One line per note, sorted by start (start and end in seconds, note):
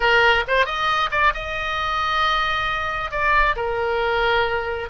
0.00 0.44 A#4
0.47 0.65 C5
0.65 1.09 D#5
1.11 1.33 D5
1.34 3.11 D#5
3.11 3.55 D5
3.56 4.89 A#4